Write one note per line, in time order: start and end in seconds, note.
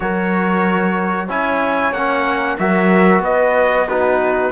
0.00 1.29 F#3
0.00 1.28 F#4
0.00 1.27 A#4
0.00 1.28 C#5
1.27 1.92 C#4
1.27 1.93 E4
1.27 2.56 C#5
1.27 1.93 G#5
1.92 2.56 A#3
1.92 2.59 C#4
1.92 2.57 F#5
2.58 3.19 F#3
2.58 3.88 F#4
2.58 3.23 A#4
2.58 3.23 E5
3.19 4.48 B3
3.19 3.87 B4
3.19 3.88 D#5
3.87 4.52 D#4
3.87 4.52 F#4
3.87 4.52 B4